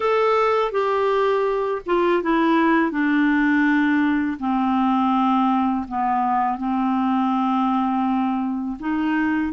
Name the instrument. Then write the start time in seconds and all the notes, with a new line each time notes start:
clarinet
0.00 A4
0.72 G4
1.86 F4
2.23 E4
2.91 D4
4.39 C4
5.87 B3
6.58 C4
8.79 D#4